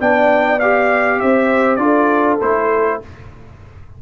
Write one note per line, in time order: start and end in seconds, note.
0.00 1.20 B3
0.00 0.60 D4
0.00 1.20 D5
0.00 0.59 G5
0.59 1.78 G4
0.59 1.19 F5
1.19 1.77 C4
1.19 1.82 C5
1.19 1.76 E5
1.76 2.37 D4
1.76 2.38 F4
1.76 2.36 D5
1.82 3.02 A4
2.41 3.02 A3
2.41 3.02 E4
2.41 3.01 C5